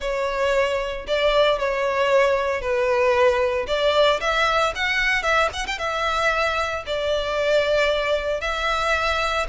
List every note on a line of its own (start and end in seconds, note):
0.00 1.06 C#5
1.07 1.58 D5
1.58 2.61 C#5
2.61 3.66 B4
3.67 4.20 D5
4.20 4.73 E5
4.75 5.22 F#5
5.22 5.49 E5
5.53 5.66 F#5
5.66 5.78 G5
5.78 6.83 E5
6.86 8.41 D5
8.41 9.46 E5